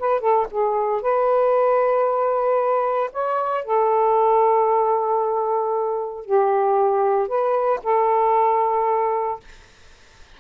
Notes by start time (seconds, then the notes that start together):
0.00 B4
0.21 A4
0.51 G#4
1.02 B4
3.13 C#5
3.65 A4
6.26 G4
7.28 B4
7.84 A4